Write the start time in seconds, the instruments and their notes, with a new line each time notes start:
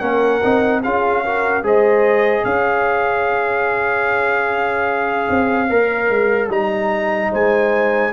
0.00 tuba A#3, trombone C#4, horn A#4, trumpet F#5
0.43 tuba C4, trombone D#4
0.83 tuba C#4, trombone F4, horn G#4, trumpet F5
1.24 trombone F#4, horn A#4
1.63 tuba G#3, trombone G#4, horn C5, trumpet D#5
2.45 tuba C#4, horn C#5, trumpet F5
5.30 tuba C4
5.70 tuba A#3, trombone A#4
6.10 tuba G#3
6.48 tuba G3, trombone D#4, trumpet A#5
7.31 tuba G#3, horn C5, trumpet G#5